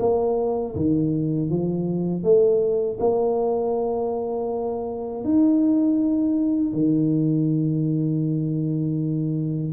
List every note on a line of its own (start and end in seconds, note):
0.00 0.75 A#3
0.75 1.50 D#3
1.50 2.23 F3
2.23 2.98 A3
3.00 5.24 A#3
5.24 6.73 D#4
6.73 9.73 D#3